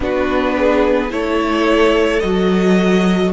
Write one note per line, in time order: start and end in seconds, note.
0.00 1.11 B3
0.00 1.09 D4
0.00 0.56 F#4
0.00 1.11 B4
0.56 1.12 G#4
1.09 2.22 A3
1.09 2.20 E4
1.09 3.33 A4
1.09 2.19 C#5
2.19 3.33 F#3
2.19 3.33 F#4
2.19 3.31 D#5